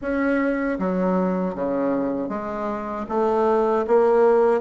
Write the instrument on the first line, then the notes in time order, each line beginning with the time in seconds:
bassoon
0.01 C#4
0.79 F#3
1.55 C#3
2.29 G#3
3.08 A3
3.87 A#3